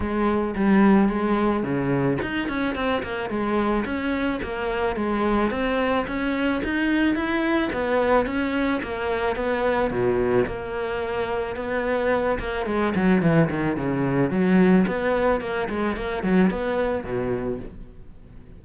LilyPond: \new Staff \with { instrumentName = "cello" } { \time 4/4 \tempo 4 = 109 gis4 g4 gis4 cis4 | dis'8 cis'8 c'8 ais8 gis4 cis'4 | ais4 gis4 c'4 cis'4 | dis'4 e'4 b4 cis'4 |
ais4 b4 b,4 ais4~ | ais4 b4. ais8 gis8 fis8 | e8 dis8 cis4 fis4 b4 | ais8 gis8 ais8 fis8 b4 b,4 | }